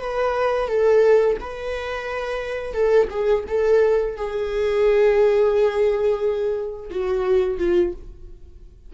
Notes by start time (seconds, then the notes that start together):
0.00 B4
0.68 A4
1.40 B4
2.73 A4
3.10 G#4
3.48 A4
4.16 G#4
6.90 F#4
7.58 F4